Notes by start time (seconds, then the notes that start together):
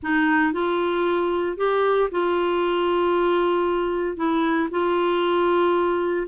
0.03 D#4
0.52 F4
1.57 G4
2.11 F4
4.16 E4
4.71 F4